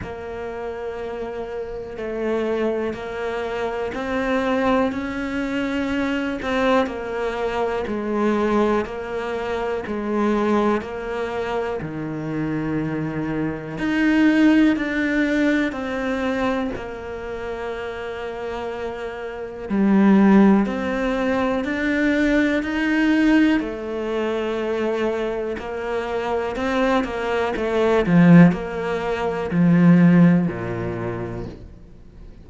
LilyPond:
\new Staff \with { instrumentName = "cello" } { \time 4/4 \tempo 4 = 61 ais2 a4 ais4 | c'4 cis'4. c'8 ais4 | gis4 ais4 gis4 ais4 | dis2 dis'4 d'4 |
c'4 ais2. | g4 c'4 d'4 dis'4 | a2 ais4 c'8 ais8 | a8 f8 ais4 f4 ais,4 | }